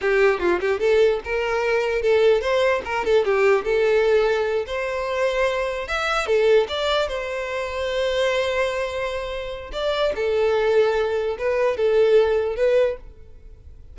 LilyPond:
\new Staff \with { instrumentName = "violin" } { \time 4/4 \tempo 4 = 148 g'4 f'8 g'8 a'4 ais'4~ | ais'4 a'4 c''4 ais'8 a'8 | g'4 a'2~ a'8 c''8~ | c''2~ c''8 e''4 a'8~ |
a'8 d''4 c''2~ c''8~ | c''1 | d''4 a'2. | b'4 a'2 b'4 | }